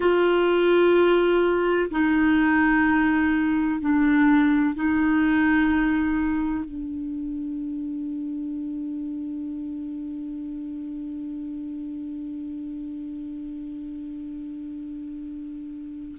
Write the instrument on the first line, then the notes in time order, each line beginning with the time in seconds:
clarinet
0.00 F4
1.90 D#4
3.80 D4
4.74 D#4
6.65 D4